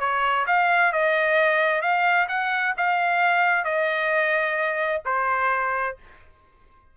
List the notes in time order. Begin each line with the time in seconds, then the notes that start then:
0.00 C#5
0.47 F5
0.93 D#5
1.82 F5
2.29 F#5
2.77 F5
3.65 D#5
5.05 C5